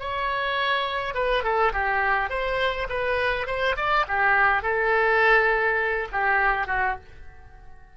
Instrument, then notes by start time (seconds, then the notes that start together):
oboe
0.00 C#5
1.15 B4
1.44 A4
1.73 G4
2.30 C5
2.90 B4
3.47 C5
3.77 D5
4.08 G4
4.63 A4
6.12 G4
6.67 F#4